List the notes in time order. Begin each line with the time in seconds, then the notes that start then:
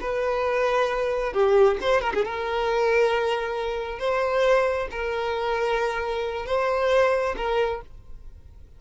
0.00 B4
1.33 G4
1.80 C5
2.01 A#4
2.14 G#4
2.24 A#4
3.99 C5
4.91 A#4
6.46 C5
7.37 A#4